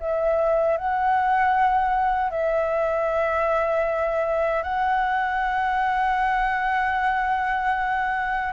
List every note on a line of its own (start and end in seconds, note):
0.00 0.78 E5
0.78 2.31 F#5
2.31 4.63 E5
4.63 8.53 F#5